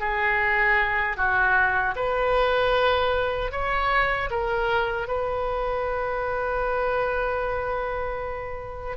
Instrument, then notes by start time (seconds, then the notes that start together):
oboe
0.00 G#4
1.17 F#4
1.96 B4
3.52 C#5
4.31 A#4
5.08 B4